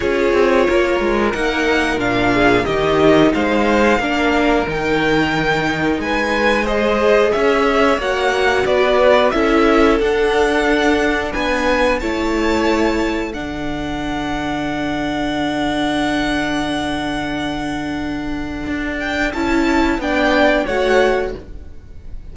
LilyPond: <<
  \new Staff \with { instrumentName = "violin" } { \time 4/4 \tempo 4 = 90 cis''2 fis''4 f''4 | dis''4 f''2 g''4~ | g''4 gis''4 dis''4 e''4 | fis''4 d''4 e''4 fis''4~ |
fis''4 gis''4 a''2 | fis''1~ | fis''1~ | fis''8 g''8 a''4 g''4 fis''4 | }
  \new Staff \with { instrumentName = "violin" } { \time 4/4 gis'4 ais'2~ ais'8 gis'8 | g'4 c''4 ais'2~ | ais'4 b'4 c''4 cis''4~ | cis''4 b'4 a'2~ |
a'4 b'4 cis''2 | a'1~ | a'1~ | a'2 d''4 cis''4 | }
  \new Staff \with { instrumentName = "viola" } { \time 4/4 f'2 dis'4 d'4 | dis'2 d'4 dis'4~ | dis'2 gis'2 | fis'2 e'4 d'4~ |
d'2 e'2 | d'1~ | d'1~ | d'4 e'4 d'4 fis'4 | }
  \new Staff \with { instrumentName = "cello" } { \time 4/4 cis'8 c'8 ais8 gis8 ais4 ais,4 | dis4 gis4 ais4 dis4~ | dis4 gis2 cis'4 | ais4 b4 cis'4 d'4~ |
d'4 b4 a2 | d1~ | d1 | d'4 cis'4 b4 a4 | }
>>